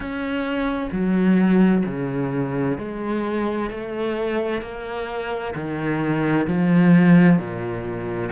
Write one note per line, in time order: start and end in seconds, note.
0.00 0.89 C#4
0.91 1.84 F#3
1.85 2.78 C#3
2.78 3.70 G#3
3.70 4.62 A3
4.62 5.54 A#3
5.54 6.47 D#3
6.47 7.38 F3
7.38 8.30 A#2